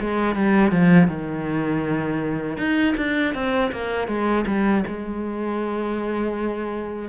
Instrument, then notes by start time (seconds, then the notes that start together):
cello
0.00 G#3
0.35 G3
0.71 F3
1.08 D#3
2.57 D#4
2.97 D4
3.34 C4
3.72 A#3
4.07 G#3
4.47 G3
4.86 G#3